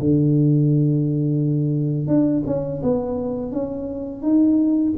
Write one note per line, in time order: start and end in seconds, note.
0.00 2.08 D3
2.08 2.43 D4
2.46 2.82 C#4
2.83 3.52 B3
3.52 4.22 C#4
4.22 4.93 D#4